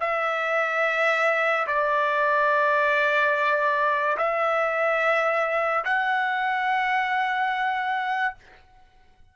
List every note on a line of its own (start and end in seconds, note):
0.00 1.67 E5
1.67 4.17 D5
4.17 5.84 E5
5.84 8.34 F#5